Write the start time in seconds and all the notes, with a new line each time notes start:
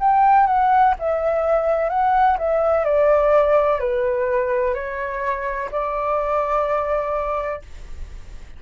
0.00 G5
0.47 F#5
1.00 E5
1.90 F#5
2.39 E5
2.85 D5
3.81 B4
4.74 C#5
5.72 D5